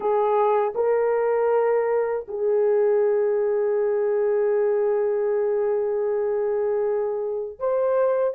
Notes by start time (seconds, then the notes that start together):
0.00 G#4
0.74 A#4
2.28 G#4
7.59 C5